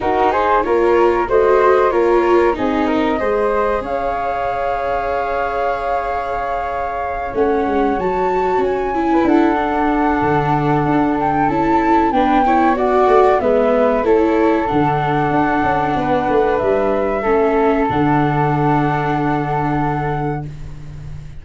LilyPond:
<<
  \new Staff \with { instrumentName = "flute" } { \time 4/4 \tempo 4 = 94 ais'8 c''8 cis''4 dis''4 cis''4 | dis''2 f''2~ | f''2.~ f''8 fis''8~ | fis''8 a''4 gis''4 fis''4.~ |
fis''4. g''8 a''4 g''4 | fis''4 e''4 cis''4 fis''4~ | fis''2 e''2 | fis''1 | }
  \new Staff \with { instrumentName = "flute" } { \time 4/4 fis'8 gis'8 ais'4 c''4 ais'4 | gis'8 ais'8 c''4 cis''2~ | cis''1~ | cis''2~ cis''16 b'16 a'4.~ |
a'2. b'8 cis''8 | d''4 b'4 a'2~ | a'4 b'2 a'4~ | a'1 | }
  \new Staff \with { instrumentName = "viola" } { \time 4/4 dis'4 f'4 fis'4 f'4 | dis'4 gis'2.~ | gis'2.~ gis'8 cis'8~ | cis'8 fis'4. e'4 d'4~ |
d'2 e'4 d'8 e'8 | fis'4 b4 e'4 d'4~ | d'2. cis'4 | d'1 | }
  \new Staff \with { instrumentName = "tuba" } { \time 4/4 dis'4 ais4 a4 ais4 | c'4 gis4 cis'2~ | cis'2.~ cis'8 a8 | gis8 fis4 cis'4 d'4. |
d4 d'4 cis'4 b4~ | b8 a8 gis4 a4 d4 | d'8 cis'8 b8 a8 g4 a4 | d1 | }
>>